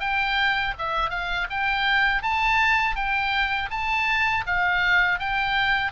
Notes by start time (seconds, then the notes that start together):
0.00 G5
0.78 E5
1.10 F5
1.50 G5
2.22 A5
2.96 G5
3.71 A5
4.47 F5
5.20 G5